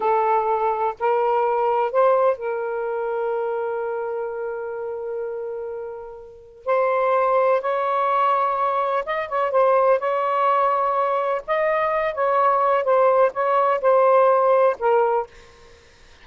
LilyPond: \new Staff \with { instrumentName = "saxophone" } { \time 4/4 \tempo 4 = 126 a'2 ais'2 | c''4 ais'2.~ | ais'1~ | ais'2 c''2 |
cis''2. dis''8 cis''8 | c''4 cis''2. | dis''4. cis''4. c''4 | cis''4 c''2 ais'4 | }